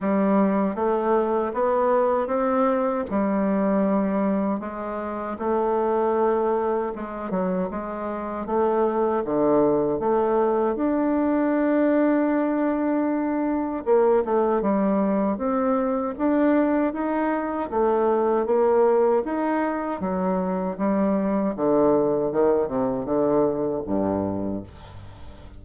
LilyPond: \new Staff \with { instrumentName = "bassoon" } { \time 4/4 \tempo 4 = 78 g4 a4 b4 c'4 | g2 gis4 a4~ | a4 gis8 fis8 gis4 a4 | d4 a4 d'2~ |
d'2 ais8 a8 g4 | c'4 d'4 dis'4 a4 | ais4 dis'4 fis4 g4 | d4 dis8 c8 d4 g,4 | }